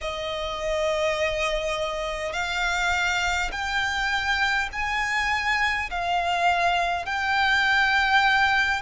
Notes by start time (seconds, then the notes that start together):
0.01 D#5
2.33 F5
3.51 G5
4.72 G#5
5.90 F5
7.05 G5